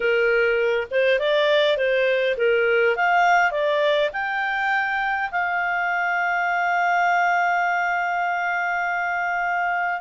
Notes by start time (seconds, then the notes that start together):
0.00 A#4
0.90 C5
1.19 D5
1.77 C5
2.37 A#4
2.95 F5
3.51 D5
4.13 G5
5.31 F5